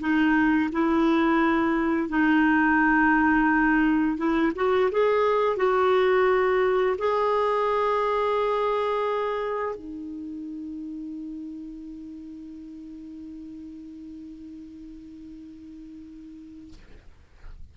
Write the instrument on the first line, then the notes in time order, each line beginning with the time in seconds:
clarinet
0.00 D#4
0.72 E4
2.09 D#4
4.17 E4
4.55 F#4
4.92 G#4
5.57 F#4
6.98 G#4
9.75 D#4